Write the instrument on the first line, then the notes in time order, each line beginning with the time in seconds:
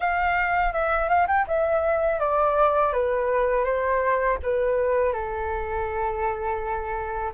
flute
0.00 F5
0.73 E5
1.08 F5
1.27 G5
1.47 E5
2.19 D5
2.92 B4
3.64 C5
4.42 B4
5.12 A4